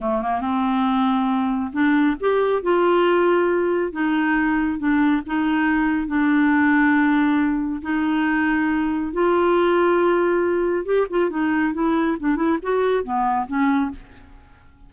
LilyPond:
\new Staff \with { instrumentName = "clarinet" } { \time 4/4 \tempo 4 = 138 a8 ais8 c'2. | d'4 g'4 f'2~ | f'4 dis'2 d'4 | dis'2 d'2~ |
d'2 dis'2~ | dis'4 f'2.~ | f'4 g'8 f'8 dis'4 e'4 | d'8 e'8 fis'4 b4 cis'4 | }